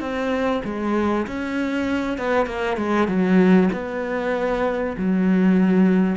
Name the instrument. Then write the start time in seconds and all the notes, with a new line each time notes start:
cello
0.00 C4
0.65 G#3
1.27 C#4
2.18 B3
2.46 A#3
2.77 G#3
3.08 F#3
3.72 B3
4.97 F#3